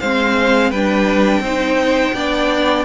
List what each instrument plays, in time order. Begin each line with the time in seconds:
0.00 cello G#3, viola C4, violin C5 F5
0.70 cello G3, viola D4, violin B4 G5
1.40 cello C4, viola D#4, violin C5
2.14 cello B3, viola D4, violin D5